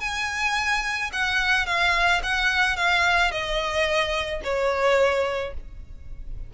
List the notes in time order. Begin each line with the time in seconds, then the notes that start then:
0.00 G#5
1.12 F#5
1.66 F5
2.22 F#5
2.76 F5
3.31 D#5
4.43 C#5